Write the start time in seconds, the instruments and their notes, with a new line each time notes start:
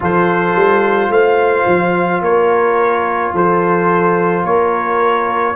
0.00 tuba F3, trombone F4, horn A4, trumpet C5
0.55 tuba G3
1.09 tuba A3, horn C5, trumpet F5
1.66 tuba F3
2.21 tuba A#3, horn A#4, trumpet C#5
3.33 tuba F3, horn A4, trumpet C5
4.43 tuba A#3, horn A#4, trumpet C#5